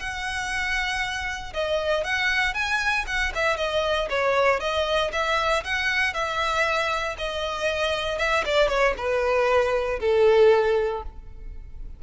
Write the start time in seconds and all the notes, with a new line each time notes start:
0.00 F#5
1.54 D#5
2.04 F#5
2.54 G#5
3.07 F#5
3.35 E5
3.57 D#5
4.10 C#5
4.61 D#5
5.13 E5
5.64 F#5
6.14 E5
7.18 D#5
8.19 E5
8.45 D5
8.69 C#5
8.98 B4
10.00 A4